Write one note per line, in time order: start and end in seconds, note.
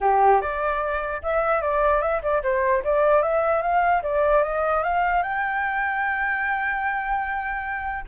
0.00 0.41 G4
0.41 1.22 D5
1.22 1.61 E5
1.61 2.01 D5
2.01 2.21 E5
2.22 2.42 D5
2.43 2.83 C5
2.84 3.22 D5
3.22 3.61 E5
3.61 4.02 F5
4.02 4.43 D5
4.43 4.83 D#5
4.83 5.22 F5
5.22 8.04 G5